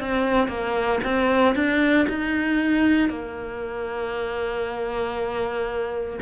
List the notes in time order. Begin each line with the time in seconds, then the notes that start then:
0.00 C4
0.48 A#3
1.04 C4
1.55 D4
2.09 D#4
3.09 A#3